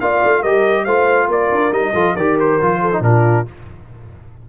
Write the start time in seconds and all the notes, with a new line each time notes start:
0.00 A#3 F4 D5 F5
0.24 A3
0.41 G3 G4 A#4 D#5
0.85 A3 F4 C5 F5
1.29 A#3 A#4 D5
1.51 D4
1.72 G3 D#4 D#5
1.93 F3 F4 A4
2.16 D#3 G4 A#4 D5
2.40 C5
2.61 F3 F4
2.81 A4
2.92 D#4
3.00 A#2 D4 F4 A#4